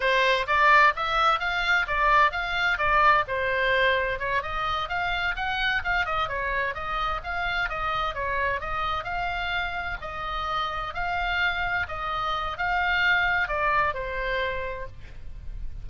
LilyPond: \new Staff \with { instrumentName = "oboe" } { \time 4/4 \tempo 4 = 129 c''4 d''4 e''4 f''4 | d''4 f''4 d''4 c''4~ | c''4 cis''8 dis''4 f''4 fis''8~ | fis''8 f''8 dis''8 cis''4 dis''4 f''8~ |
f''8 dis''4 cis''4 dis''4 f''8~ | f''4. dis''2 f''8~ | f''4. dis''4. f''4~ | f''4 d''4 c''2 | }